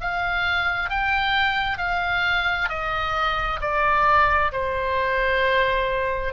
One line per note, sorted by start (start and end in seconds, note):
0.00 0.90 F5
0.90 1.78 G5
1.78 2.69 F5
2.69 3.60 D#5
3.60 4.51 D5
4.52 6.33 C5